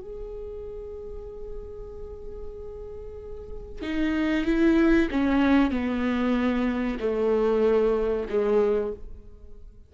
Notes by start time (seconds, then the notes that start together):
0.00 G#4
3.82 D#4
4.45 E4
5.11 C#4
5.70 B3
7.00 A3
8.29 G#3